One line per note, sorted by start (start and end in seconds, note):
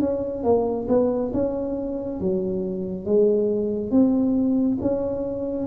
0.00 0.43 C#4
0.43 0.87 A#3
0.88 1.32 B3
1.33 2.20 C#4
2.20 3.05 F#3
3.05 3.91 G#3
3.91 4.78 C4
4.81 5.67 C#4